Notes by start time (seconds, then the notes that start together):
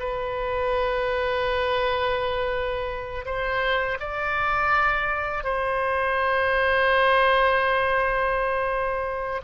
0.00 B4
3.26 C5
4.00 D5
5.44 C5